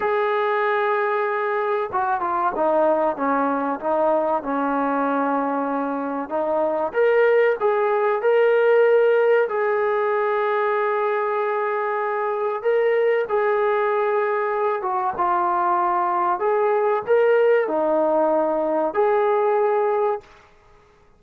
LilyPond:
\new Staff \with { instrumentName = "trombone" } { \time 4/4 \tempo 4 = 95 gis'2. fis'8 f'8 | dis'4 cis'4 dis'4 cis'4~ | cis'2 dis'4 ais'4 | gis'4 ais'2 gis'4~ |
gis'1 | ais'4 gis'2~ gis'8 fis'8 | f'2 gis'4 ais'4 | dis'2 gis'2 | }